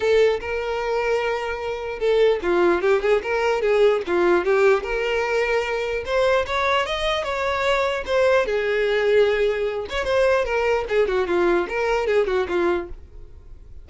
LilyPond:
\new Staff \with { instrumentName = "violin" } { \time 4/4 \tempo 4 = 149 a'4 ais'2.~ | ais'4 a'4 f'4 g'8 gis'8 | ais'4 gis'4 f'4 g'4 | ais'2. c''4 |
cis''4 dis''4 cis''2 | c''4 gis'2.~ | gis'8 cis''8 c''4 ais'4 gis'8 fis'8 | f'4 ais'4 gis'8 fis'8 f'4 | }